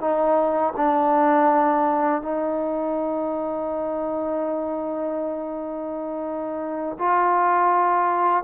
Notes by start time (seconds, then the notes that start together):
0.00 D#4
0.76 D4
2.22 D#4
6.99 F4